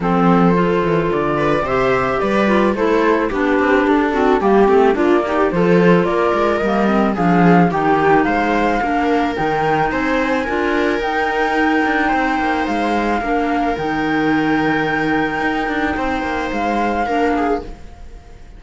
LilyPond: <<
  \new Staff \with { instrumentName = "flute" } { \time 4/4 \tempo 4 = 109 c''2 d''4 e''4 | d''4 c''4 b'4 a'4 | g'4 d''4 c''4 d''4 | dis''4 f''4 g''4 f''4~ |
f''4 g''4 gis''2 | g''2. f''4~ | f''4 g''2.~ | g''2 f''2 | }
  \new Staff \with { instrumentName = "viola" } { \time 4/4 a'2~ a'8 b'8 c''4 | b'4 a'4 g'4. fis'8 | g'4 f'8 g'8 a'4 ais'4~ | ais'4 gis'4 g'4 c''4 |
ais'2 c''4 ais'4~ | ais'2 c''2 | ais'1~ | ais'4 c''2 ais'8 gis'8 | }
  \new Staff \with { instrumentName = "clarinet" } { \time 4/4 c'4 f'2 g'4~ | g'8 f'8 e'4 d'4. c'8 | ais8 c'8 d'8 dis'8 f'2 | ais8 c'8 d'4 dis'2 |
d'4 dis'2 f'4 | dis'1 | d'4 dis'2.~ | dis'2. d'4 | }
  \new Staff \with { instrumentName = "cello" } { \time 4/4 f4. e8 d4 c4 | g4 a4 b8 c'8 d'4 | g8 a8 ais4 f4 ais8 gis8 | g4 f4 dis4 gis4 |
ais4 dis4 c'4 d'4 | dis'4. d'8 c'8 ais8 gis4 | ais4 dis2. | dis'8 d'8 c'8 ais8 gis4 ais4 | }
>>